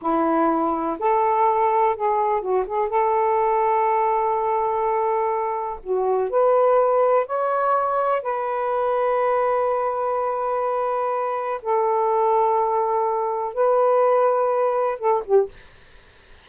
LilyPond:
\new Staff \with { instrumentName = "saxophone" } { \time 4/4 \tempo 4 = 124 e'2 a'2 | gis'4 fis'8 gis'8 a'2~ | a'1 | fis'4 b'2 cis''4~ |
cis''4 b'2.~ | b'1 | a'1 | b'2. a'8 g'8 | }